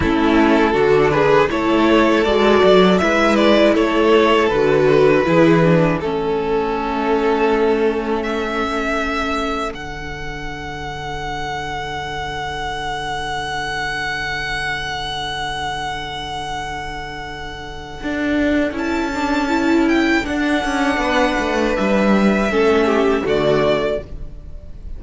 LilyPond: <<
  \new Staff \with { instrumentName = "violin" } { \time 4/4 \tempo 4 = 80 a'4. b'8 cis''4 d''4 | e''8 d''8 cis''4 b'2 | a'2. e''4~ | e''4 fis''2.~ |
fis''1~ | fis''1~ | fis''4 a''4. g''8 fis''4~ | fis''4 e''2 d''4 | }
  \new Staff \with { instrumentName = "violin" } { \time 4/4 e'4 fis'8 gis'8 a'2 | b'4 a'2 gis'4 | a'1~ | a'1~ |
a'1~ | a'1~ | a'1 | b'2 a'8 g'8 fis'4 | }
  \new Staff \with { instrumentName = "viola" } { \time 4/4 cis'4 d'4 e'4 fis'4 | e'2 fis'4 e'8 d'8 | cis'1~ | cis'4 d'2.~ |
d'1~ | d'1~ | d'4 e'8 d'8 e'4 d'4~ | d'2 cis'4 a4 | }
  \new Staff \with { instrumentName = "cello" } { \time 4/4 a4 d4 a4 gis8 fis8 | gis4 a4 d4 e4 | a1~ | a4 d2.~ |
d1~ | d1 | d'4 cis'2 d'8 cis'8 | b8 a8 g4 a4 d4 | }
>>